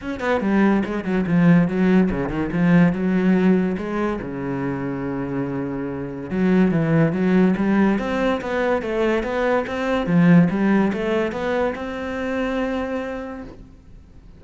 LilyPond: \new Staff \with { instrumentName = "cello" } { \time 4/4 \tempo 4 = 143 cis'8 b8 g4 gis8 fis8 f4 | fis4 cis8 dis8 f4 fis4~ | fis4 gis4 cis2~ | cis2. fis4 |
e4 fis4 g4 c'4 | b4 a4 b4 c'4 | f4 g4 a4 b4 | c'1 | }